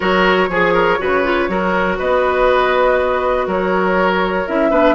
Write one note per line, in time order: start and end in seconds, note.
0.00 0.48 F#3
0.00 0.49 F#4
0.00 0.49 A#4
0.00 1.95 C#5
0.48 0.98 F3
0.48 0.73 G#4
0.48 0.98 G#4
0.73 0.98 A#4
0.98 1.48 C#3
0.98 1.23 F#4
0.98 1.50 B4
1.24 1.48 F4
1.48 1.98 F#3
1.48 4.46 F#4
1.48 1.98 A#4
1.98 3.47 B3
1.98 3.47 B4
1.98 3.48 D#5
3.47 4.46 F#3
3.47 4.70 A#4
3.47 4.47 C#5
4.48 4.70 C#4
4.48 4.71 E4
4.48 4.95 E5
4.70 4.95 B3
4.70 4.95 D4
4.70 4.95 B4